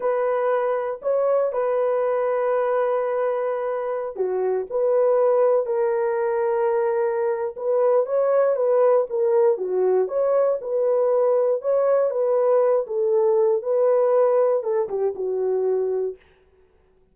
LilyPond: \new Staff \with { instrumentName = "horn" } { \time 4/4 \tempo 4 = 119 b'2 cis''4 b'4~ | b'1~ | b'16 fis'4 b'2 ais'8.~ | ais'2. b'4 |
cis''4 b'4 ais'4 fis'4 | cis''4 b'2 cis''4 | b'4. a'4. b'4~ | b'4 a'8 g'8 fis'2 | }